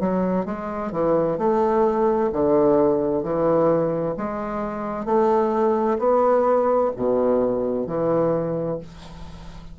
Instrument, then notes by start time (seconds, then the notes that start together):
bassoon
0.00 F#3
0.46 G#3
0.92 E3
1.38 A3
2.33 D3
3.23 E3
4.17 G#3
5.06 A3
5.99 B3
6.96 B2
7.87 E3